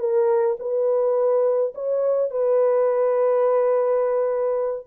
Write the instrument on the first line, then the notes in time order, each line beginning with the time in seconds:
horn
0.00 A#4
0.60 B4
1.75 C#5
2.31 B4